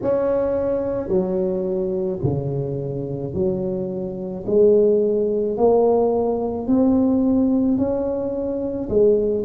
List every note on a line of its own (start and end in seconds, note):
0.02 1.08 C#4
1.08 2.19 F#3
2.23 3.33 C#3
3.33 4.44 F#3
4.46 5.57 G#3
5.57 6.67 A#3
6.67 7.77 C4
7.77 8.88 C#4
8.89 9.44 G#3